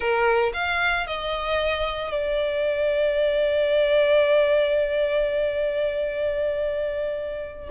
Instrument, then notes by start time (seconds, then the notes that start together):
violin
0.00 A#4
0.53 F5
1.06 D#5
2.11 D5